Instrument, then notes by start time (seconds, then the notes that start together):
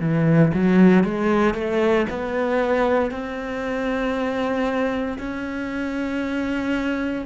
cello
0.00 E3
0.54 F#3
1.04 G#3
1.54 A3
2.10 B3
3.11 C4
5.18 C#4